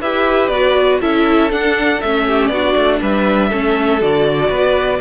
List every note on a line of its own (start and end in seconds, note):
0.00 0.48 E4
0.00 0.53 G4
0.00 1.00 B4
0.00 0.48 E5
0.48 0.98 B3
0.48 1.01 F#4
0.48 0.98 D5
1.00 1.52 C#4
1.00 1.49 E4
1.00 2.25 A4
1.00 1.51 E5
1.49 1.99 D4
1.49 2.02 D4
1.49 2.01 F#5
2.01 2.49 A3
2.01 2.54 C#4
2.01 2.47 E5
2.27 2.52 G4
2.47 2.74 B3
2.47 3.00 F#4
2.47 2.97 D5
2.54 3.50 D4
2.75 3.00 A3
3.00 3.52 G3
3.00 3.49 B4
3.00 4.02 E5
3.49 4.01 A3
3.49 3.99 C#4
3.49 4.49 A4
3.99 4.49 D3
3.99 4.99 F#4
3.99 5.01 D5
4.49 4.99 B3
4.49 4.99 B4